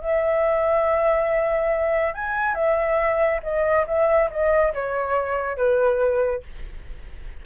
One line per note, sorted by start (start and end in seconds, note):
0.00 2.14 E5
2.14 2.54 G#5
2.54 3.40 E5
3.42 3.85 D#5
3.87 4.30 E5
4.30 4.73 D#5
4.74 5.57 C#5
5.57 6.42 B4